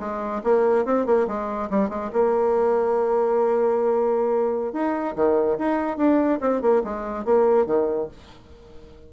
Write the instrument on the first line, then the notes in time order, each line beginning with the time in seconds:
bassoon
0.00 G#3
0.44 A#3
0.85 C4
1.06 A#3
1.27 G#3
1.70 G3
1.89 G#3
2.13 A#3
4.73 D#4
5.16 D#3
5.58 D#4
5.97 D4
6.41 C4
6.61 A#3
6.84 G#3
7.25 A#3
7.66 D#3